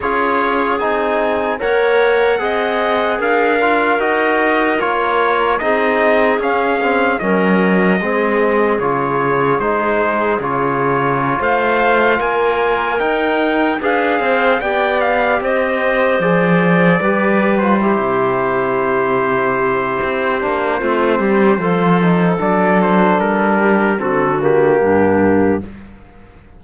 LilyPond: <<
  \new Staff \with { instrumentName = "trumpet" } { \time 4/4 \tempo 4 = 75 cis''4 gis''4 fis''2 | f''4 dis''4 cis''4 dis''4 | f''4 dis''2 cis''4 | c''4 cis''4~ cis''16 f''4 gis''8.~ |
gis''16 g''4 f''4 g''8 f''8 dis''8.~ | dis''16 d''4.~ d''16 c''2~ | c''1 | d''8 c''8 ais'4 a'8 g'4. | }
  \new Staff \with { instrumentName = "clarinet" } { \time 4/4 gis'2 cis''4 dis''4 | ais'2. gis'4~ | gis'4 ais'4 gis'2~ | gis'2~ gis'16 c''4 ais'8.~ |
ais'4~ ais'16 b'8 c''8 d''4 c''8.~ | c''4~ c''16 b'4 g'4.~ g'16~ | g'2 f'8 g'8 a'4~ | a'4. g'8 fis'4 d'4 | }
  \new Staff \with { instrumentName = "trombone" } { \time 4/4 f'4 dis'4 ais'4 gis'4~ | gis'8 f'8 fis'4 f'4 dis'4 | cis'8 c'8 cis'4 c'4 f'4 | dis'4 f'2.~ |
f'16 dis'4 gis'4 g'4.~ g'16~ | g'16 gis'4 g'8. f'16 e'4.~ e'16~ | e'4. d'8 c'4 f'8 dis'8 | d'2 c'8 ais4. | }
  \new Staff \with { instrumentName = "cello" } { \time 4/4 cis'4 c'4 ais4 c'4 | d'4 dis'4 ais4 c'4 | cis'4 fis4 gis4 cis4 | gis4 cis4~ cis16 a4 ais8.~ |
ais16 dis'4 d'8 c'8 b4 c'8.~ | c'16 f4 g4~ g16 c4.~ | c4 c'8 ais8 a8 g8 f4 | fis4 g4 d4 g,4 | }
>>